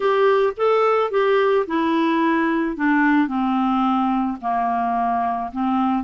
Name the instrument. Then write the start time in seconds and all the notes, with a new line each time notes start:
clarinet
0.00 G4
0.57 A4
1.11 G4
1.67 E4
2.76 D4
3.27 C4
4.41 A#3
5.52 C4